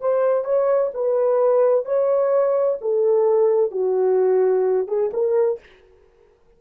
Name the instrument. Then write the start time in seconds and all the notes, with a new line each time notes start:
horn
0.00 C5
0.44 C#5
0.93 B4
1.85 C#5
2.81 A4
3.71 F#4
4.87 G#4
5.13 A#4